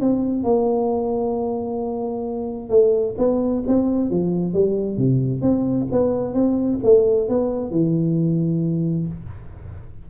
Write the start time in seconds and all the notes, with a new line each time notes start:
0.00 C4
0.44 A#3
2.69 A3
3.18 B3
3.67 C4
4.10 F3
4.53 G3
4.97 C3
5.42 C4
5.91 B3
6.34 C4
6.83 A3
7.29 B3
7.71 E3